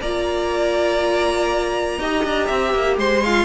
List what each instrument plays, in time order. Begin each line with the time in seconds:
0.00 cello A#3, viola F4, violin D5 A#5
1.98 cello D#4, viola G4, violin D#5
2.24 cello D4
2.46 cello C4, violin E5
2.74 cello A#3
2.96 cello G#3, violin C5 C6
3.23 viola F4, violin F5